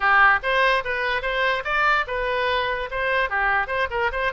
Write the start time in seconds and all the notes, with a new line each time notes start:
0.00 G4
0.42 C5
0.84 B4
1.22 C5
1.64 D5
2.07 B4
2.90 C5
3.29 G4
3.67 C5
3.90 A#4
4.12 C5